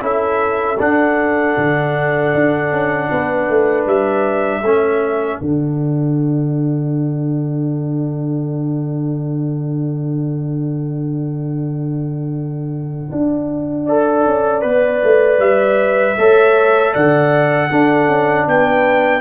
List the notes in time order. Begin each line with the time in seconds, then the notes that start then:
0.00 C#4 E4 A4 E5
0.79 D4 F#5
1.57 D3
2.34 D4
2.72 C#4
3.11 B3 B4
3.49 A3
3.86 G3 E5
4.61 A3 C#4 A4
5.41 D3 D4 F#5
13.12 D4
13.84 A4 D5
14.25 C#4
14.62 B3 B4
15.03 A3
15.39 G3 E5
16.17 A3 A4 C#5
16.92 D3 D5 F#5
17.69 D4 A4
18.08 C#4
18.47 B3 B4 G5